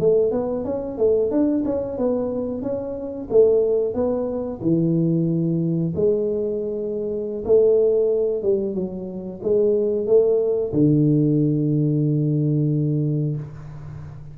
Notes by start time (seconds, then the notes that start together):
0.00 A3
0.31 B3
0.65 C#4
0.98 A3
1.31 D4
1.65 C#4
1.98 B3
2.63 C#4
3.30 A3
3.94 B3
4.62 E3
5.96 G#3
7.45 A3
8.43 G3
8.75 F#3
9.43 G#3
10.07 A3
10.73 D3